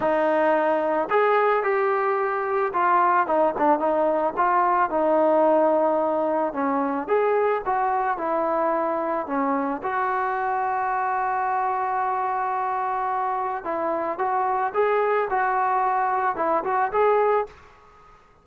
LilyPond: \new Staff \with { instrumentName = "trombone" } { \time 4/4 \tempo 4 = 110 dis'2 gis'4 g'4~ | g'4 f'4 dis'8 d'8 dis'4 | f'4 dis'2. | cis'4 gis'4 fis'4 e'4~ |
e'4 cis'4 fis'2~ | fis'1~ | fis'4 e'4 fis'4 gis'4 | fis'2 e'8 fis'8 gis'4 | }